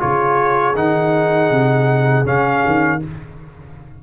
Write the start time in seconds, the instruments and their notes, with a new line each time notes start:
0.00 tuba C#3, trombone F4, horn G#4, trumpet C#5
0.75 tuba D#3, trombone D#4, trumpet F#5
1.50 tuba C3
2.25 tuba C#3, trombone C#4, trumpet F5
2.66 tuba D#3